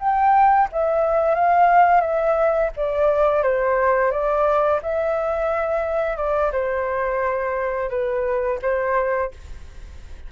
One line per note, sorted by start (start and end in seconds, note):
0.00 0.69 G5
0.73 1.35 E5
1.35 2.02 F5
2.02 2.71 E5
2.77 3.43 D5
3.43 4.12 C5
4.12 4.81 D5
4.83 6.18 E5
6.18 6.52 D5
6.52 7.90 C5
7.90 8.59 B4
8.62 9.31 C5